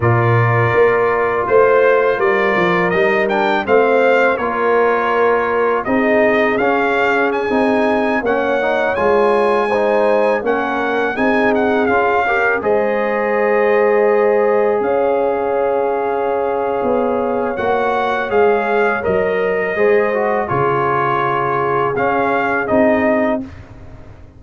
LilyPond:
<<
  \new Staff \with { instrumentName = "trumpet" } { \time 4/4 \tempo 4 = 82 d''2 c''4 d''4 | dis''8 g''8 f''4 cis''2 | dis''4 f''4 gis''4~ gis''16 fis''8.~ | fis''16 gis''2 fis''4 gis''8 fis''16~ |
fis''16 f''4 dis''2~ dis''8.~ | dis''16 f''2.~ f''8. | fis''4 f''4 dis''2 | cis''2 f''4 dis''4 | }
  \new Staff \with { instrumentName = "horn" } { \time 4/4 ais'2 c''4 ais'4~ | ais'4 c''4 ais'2 | gis'2.~ gis'16 cis''8.~ | cis''4~ cis''16 c''4 ais'4 gis'8.~ |
gis'8. ais'8 c''2~ c''8.~ | c''16 cis''2.~ cis''8.~ | cis''2. c''4 | gis'1 | }
  \new Staff \with { instrumentName = "trombone" } { \time 4/4 f'1 | dis'8 d'8 c'4 f'2 | dis'4 cis'4~ cis'16 dis'4 cis'8 dis'16~ | dis'16 f'4 dis'4 cis'4 dis'8.~ |
dis'16 f'8 g'8 gis'2~ gis'8.~ | gis'1 | fis'4 gis'4 ais'4 gis'8 fis'8 | f'2 cis'4 dis'4 | }
  \new Staff \with { instrumentName = "tuba" } { \time 4/4 ais,4 ais4 a4 g8 f8 | g4 a4 ais2 | c'4 cis'4~ cis'16 c'4 ais8.~ | ais16 gis2 ais4 c'8.~ |
c'16 cis'4 gis2~ gis8.~ | gis16 cis'2~ cis'8. b4 | ais4 gis4 fis4 gis4 | cis2 cis'4 c'4 | }
>>